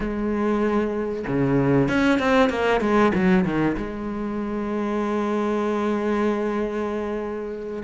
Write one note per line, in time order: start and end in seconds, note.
0.00 1.25 G#3
1.27 1.88 C#3
1.88 2.19 C#4
2.19 2.49 C4
2.49 2.80 A#3
2.80 3.12 G#3
3.14 3.44 F#3
3.44 3.76 D#3
3.76 7.83 G#3